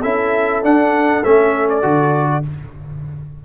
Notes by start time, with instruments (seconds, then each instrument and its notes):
0.00 tuba C#4, trombone E4, horn A4, trumpet E5
0.63 tuba D4, trombone D4, trumpet F#5
1.24 tuba A3, trombone C#4, trumpet E5
1.70 trumpet D5
1.82 tuba D3, trombone F#4